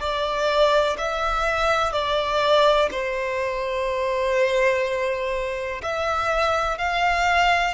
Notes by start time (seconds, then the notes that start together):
0.00 D5
0.98 E5
1.92 D5
2.91 C5
5.82 E5
6.78 F5